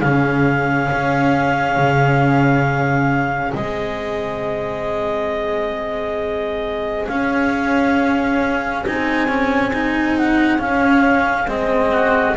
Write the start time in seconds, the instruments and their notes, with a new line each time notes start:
0.00 double bass C#3, cello C#4, oboe G#4, clarinet F5
0.92 double bass C#4
1.77 double bass C#3
3.54 double bass G#3, cello C4, clarinet D#5
7.08 cello C#4, double bass C#4, clarinet F5
8.86 double bass C4, cello D#4, clarinet G#5
9.28 cello C#4
9.73 cello D#4
10.18 clarinet F#5
10.58 cello C#4, double bass C#4, clarinet F5
11.48 double bass G#3, cello C4, clarinet D#5
11.92 oboe F#4